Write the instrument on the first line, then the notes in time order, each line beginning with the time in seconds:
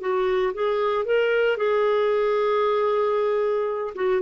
clarinet
0.00 F#4
0.54 G#4
1.05 A#4
1.56 G#4
3.95 F#4